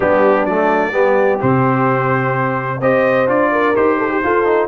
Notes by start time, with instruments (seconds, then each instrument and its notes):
0.00 tuba G3, trombone B3, horn D4, trumpet G4
0.45 tuba F#3, trombone A3, trumpet D5
0.91 tuba G3, trombone B3, horn G4
1.40 tuba C3, trombone C4, trumpet C5
2.80 tuba C4, trombone G4, horn C5, trumpet D#5
3.27 tuba D4, trombone F4, trumpet D5
3.52 horn A#4
3.75 tuba D#4, trombone G4, trumpet C5
3.98 horn A4
4.11 horn G4
4.23 tuba F4, trombone F4, horn A4
4.44 trombone D#4